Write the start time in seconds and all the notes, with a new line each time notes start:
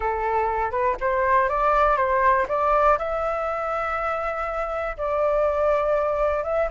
0.00 A4
0.71 B4
1.00 C5
1.49 D5
1.97 C5
2.48 D5
2.98 E5
4.97 D5
6.43 E5